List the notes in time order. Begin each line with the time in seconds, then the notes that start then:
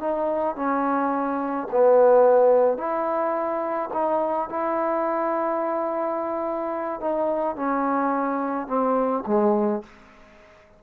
0.00 D#4
0.56 C#4
1.72 B3
2.78 E4
3.94 D#4
4.50 E4
7.01 D#4
7.56 C#4
8.68 C4
9.27 G#3